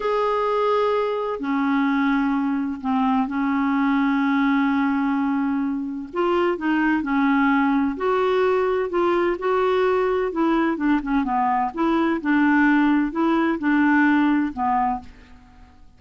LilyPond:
\new Staff \with { instrumentName = "clarinet" } { \time 4/4 \tempo 4 = 128 gis'2. cis'4~ | cis'2 c'4 cis'4~ | cis'1~ | cis'4 f'4 dis'4 cis'4~ |
cis'4 fis'2 f'4 | fis'2 e'4 d'8 cis'8 | b4 e'4 d'2 | e'4 d'2 b4 | }